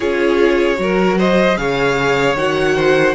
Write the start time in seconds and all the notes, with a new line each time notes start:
0.00 C#4 F4 G#4 C#5
0.76 F#3 F#4 A#4
1.18 C5 D#5
1.57 C#3 G#4 C#5 F5
2.34 D#3 F#4 F#5
2.75 C5